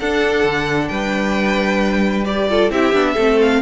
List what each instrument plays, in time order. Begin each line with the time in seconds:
0.00 viola D4, cello D4, violin A4 F#5
0.44 cello D3
0.88 cello G3, violin B4 G5
2.25 viola G4, violin D5
2.50 viola F4, violin A4
2.70 cello C4, viola E4, violin G4 E5
2.93 cello B3, viola D4
3.14 cello A3, viola C4, violin A4
3.41 violin F5